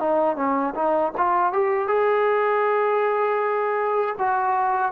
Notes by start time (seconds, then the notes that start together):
0.00 D#4
0.36 C#4
0.75 D#4
1.17 F4
1.53 G4
1.88 G#4
4.18 F#4